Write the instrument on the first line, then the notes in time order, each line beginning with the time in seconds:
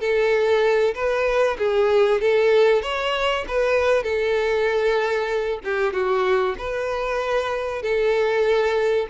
violin
0.00 A4
0.94 B4
1.58 G#4
2.21 A4
2.82 C#5
3.47 B4
4.03 A4
5.64 G4
5.93 F#4
6.58 B4
7.82 A4